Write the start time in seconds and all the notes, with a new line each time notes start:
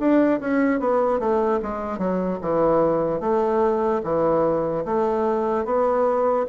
0.00 D4
0.41 C#4
0.80 B3
1.20 A3
1.63 G#3
1.99 F#3
2.42 E3
3.21 A3
4.04 E3
4.85 A3
5.65 B3